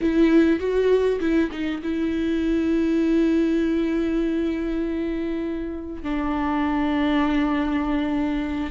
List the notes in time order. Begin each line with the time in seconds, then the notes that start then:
0.01 E4
0.59 F#4
1.20 E4
1.51 D#4
1.82 E4
6.02 D4